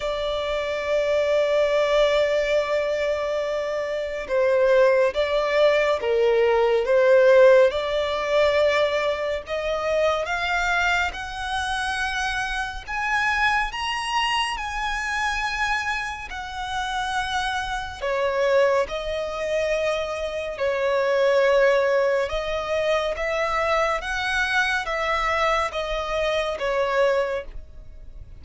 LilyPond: \new Staff \with { instrumentName = "violin" } { \time 4/4 \tempo 4 = 70 d''1~ | d''4 c''4 d''4 ais'4 | c''4 d''2 dis''4 | f''4 fis''2 gis''4 |
ais''4 gis''2 fis''4~ | fis''4 cis''4 dis''2 | cis''2 dis''4 e''4 | fis''4 e''4 dis''4 cis''4 | }